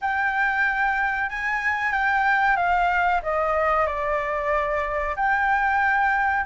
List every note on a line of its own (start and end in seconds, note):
0.01 1.29 G5
1.29 1.91 G#5
1.91 2.56 G5
2.56 3.21 F5
3.22 3.86 D#5
3.86 5.15 D5
5.16 6.45 G5